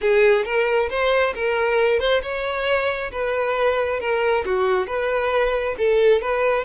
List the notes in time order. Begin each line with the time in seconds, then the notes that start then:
0.01 G#4
0.44 A#4
0.89 C5
1.34 A#4
1.99 C5
2.22 C#5
3.11 B4
4.00 A#4
4.45 F#4
4.86 B4
5.78 A4
6.21 B4